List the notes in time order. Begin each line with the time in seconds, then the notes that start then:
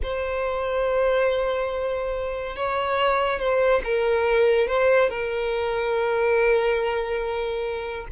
0.02 C5
2.56 C#5
3.39 C5
3.84 A#4
4.67 C5
5.09 A#4